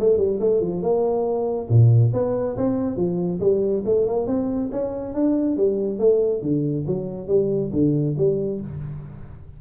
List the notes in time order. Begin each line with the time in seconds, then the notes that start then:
0.00 A3
0.18 G3
0.40 A3
0.61 F3
0.83 A#3
1.69 A#2
2.14 B3
2.57 C4
2.97 F3
3.41 G3
3.86 A3
4.06 A#3
4.27 C4
4.72 C#4
5.14 D4
5.57 G3
5.99 A3
6.43 D3
6.88 F#3
7.28 G3
7.73 D3
8.18 G3